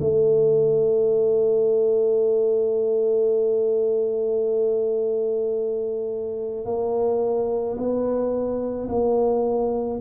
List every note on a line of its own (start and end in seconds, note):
0.00 6.65 A3
6.65 7.76 A#3
7.77 8.88 B3
8.89 10.00 A#3